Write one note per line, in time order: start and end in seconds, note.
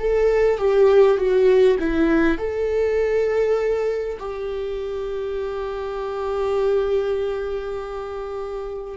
0.00 0.58 A4
0.58 1.18 G4
1.18 1.78 F#4
1.80 2.39 E4
2.39 4.19 A4
4.20 8.98 G4